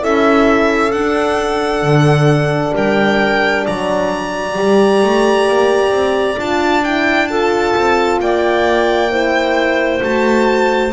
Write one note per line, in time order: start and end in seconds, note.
0.00 0.94 C#4
0.00 0.91 E4
0.00 2.74 A4
0.00 0.92 E5
0.92 1.83 D4
0.92 4.55 D4
0.92 2.74 F#5
1.83 2.73 D3
2.74 3.66 G3
2.74 3.65 A#4
2.74 3.67 G5
3.65 4.59 F#3
3.65 7.28 D5
3.65 6.40 A#5
4.55 5.04 G3
4.55 6.37 G4
5.04 5.49 A3
5.49 5.91 A#3
5.91 6.37 C4
6.38 7.75 D4
6.38 6.84 F4
6.38 6.85 A5
6.84 7.29 E4
6.84 7.28 G5
7.28 9.11 F4
7.28 8.21 A4
7.28 8.19 A5
7.77 8.20 C4
8.20 10.02 A#3
8.20 9.12 D5
8.20 10.03 G5
9.11 10.01 E4
9.11 10.93 C5
10.01 10.94 A3
10.01 10.92 F#4
10.01 10.94 A5